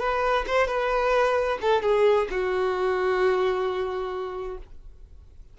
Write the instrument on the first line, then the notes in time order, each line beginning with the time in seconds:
violin
0.00 B4
0.47 C5
0.68 B4
1.62 A4
1.83 G#4
2.31 F#4